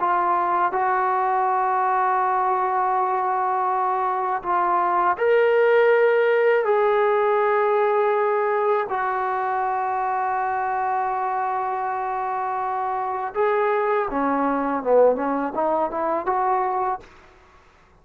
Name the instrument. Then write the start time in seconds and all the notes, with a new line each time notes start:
trombone
0.00 F4
0.72 F#4
4.43 F4
5.18 A#4
6.65 G#4
8.89 F#4
13.34 G#4
14.10 C#4
14.83 B3
15.15 C#4
15.55 D#4
15.91 E4
16.26 F#4